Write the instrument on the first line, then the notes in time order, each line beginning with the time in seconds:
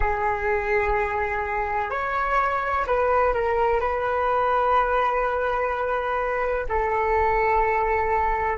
flute
0.00 G#4
1.90 C#5
2.86 B4
3.33 A#4
3.80 B4
6.68 A4